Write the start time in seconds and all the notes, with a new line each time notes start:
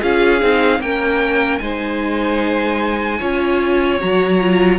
0.00 C#4 F4 G#4 F5
0.40 C4 D#4
0.80 A#3 C#4 A#4 G5
1.58 G#3 D#4 C5 G#5
3.18 C#4 F4 C#5
3.99 F#3 F#4 A#5
4.40 F4